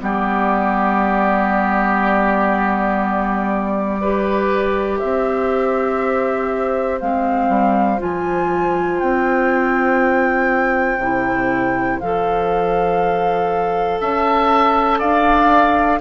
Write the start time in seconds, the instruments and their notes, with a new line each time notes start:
0.00 bassoon G3, clarinet B3, oboe G4, flute D5
4.01 clarinet G4, oboe B4
4.99 bassoon C4, oboe C5, flute E5
7.01 bassoon G#3, clarinet C4, flute F5
7.49 bassoon G3
7.98 bassoon F3, clarinet F4, flute G#5
8.99 bassoon C4, flute G5
10.98 bassoon C3, clarinet E4
12.00 bassoon F3, clarinet A4, flute F5
14.01 bassoon C#4, oboe E5, flute A5
14.99 bassoon D4, oboe D5, flute F5